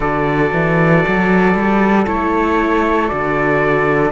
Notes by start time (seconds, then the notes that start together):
0.00 D3 F#4 A4 D5
0.52 E3
1.07 F#3
1.54 G3
2.06 A3 E4 C#5
3.08 D3 F#4 D5